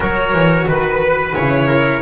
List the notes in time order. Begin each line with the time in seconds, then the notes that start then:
0.00 F#3 F#4 A#4 C#5
0.32 E3
0.67 D#3 B4
1.34 C#3 E4 C#5
1.66 A#4